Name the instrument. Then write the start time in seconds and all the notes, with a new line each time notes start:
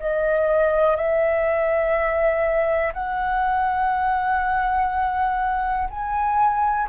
flute
0.00 D#5
0.96 E5
2.94 F#5
5.91 G#5